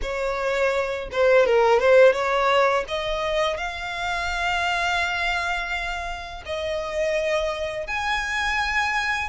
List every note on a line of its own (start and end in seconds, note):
0.02 1.09 C#5
1.11 1.45 C5
1.45 1.79 A#4
1.79 2.12 C5
2.12 2.84 C#5
2.87 3.57 D#5
3.57 6.43 F5
6.45 7.87 D#5
7.87 9.29 G#5